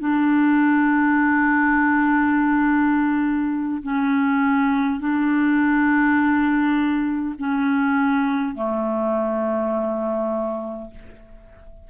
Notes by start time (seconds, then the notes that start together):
0.00 D4
3.82 C#4
5.00 D4
7.39 C#4
8.55 A3